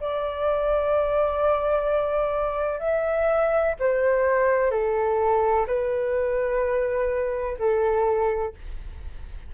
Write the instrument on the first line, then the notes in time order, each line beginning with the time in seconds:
flute
0.00 D5
2.79 E5
3.79 C5
4.71 A4
5.67 B4
7.58 A4